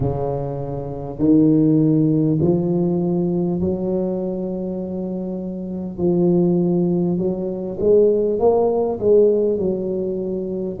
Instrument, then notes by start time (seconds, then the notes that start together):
tuba
0.00 C#3
1.18 D#3
2.41 F3
3.61 F#3
5.97 F3
7.17 F#3
7.79 G#3
8.39 A#3
8.99 G#3
9.58 F#3